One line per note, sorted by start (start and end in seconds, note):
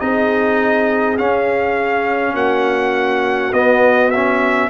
0.00 1.19 C4
0.00 1.18 D#4
0.00 2.34 G#4
0.00 1.18 D#5
1.18 3.53 C#4
1.18 2.34 C#4
1.18 2.36 F5
2.34 3.52 A#3
2.34 4.69 F#4
2.34 3.53 F#5
3.53 4.70 B3
3.53 4.13 B3
3.53 4.11 D#5
4.11 4.70 C#4
4.11 4.70 E5